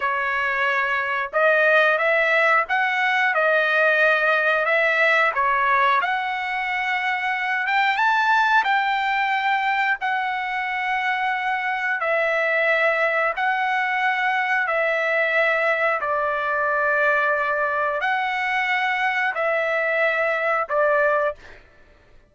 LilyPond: \new Staff \with { instrumentName = "trumpet" } { \time 4/4 \tempo 4 = 90 cis''2 dis''4 e''4 | fis''4 dis''2 e''4 | cis''4 fis''2~ fis''8 g''8 | a''4 g''2 fis''4~ |
fis''2 e''2 | fis''2 e''2 | d''2. fis''4~ | fis''4 e''2 d''4 | }